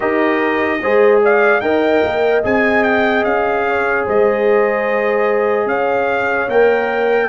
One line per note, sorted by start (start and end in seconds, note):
0.00 0.81 D#4
0.00 0.79 G4
0.00 0.79 A#4
0.00 1.21 D#5
0.81 1.61 G#3
0.81 1.62 G#4
0.81 1.22 C5
1.23 1.63 D5
1.23 1.60 F5
1.60 2.01 D#4
1.60 2.43 A#4
1.60 3.67 D#5
1.60 2.41 G5
2.03 2.44 A#3
2.43 3.24 C4
2.43 6.48 G#4
2.43 2.83 G#5
2.83 3.23 G5
3.24 4.05 C#4
3.24 4.05 F5
3.67 4.06 C#5
4.06 5.66 G#3
4.06 5.68 C5
4.06 5.68 D#5
5.66 6.47 C#4
5.66 7.28 C#5
5.66 6.49 F5
6.48 7.28 A#3
6.48 7.28 A#4
6.48 7.28 G5